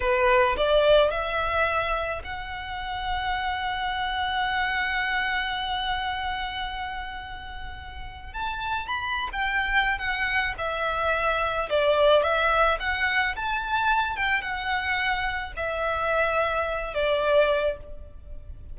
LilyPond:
\new Staff \with { instrumentName = "violin" } { \time 4/4 \tempo 4 = 108 b'4 d''4 e''2 | fis''1~ | fis''1~ | fis''2. a''4 |
b''8. g''4~ g''16 fis''4 e''4~ | e''4 d''4 e''4 fis''4 | a''4. g''8 fis''2 | e''2~ e''8 d''4. | }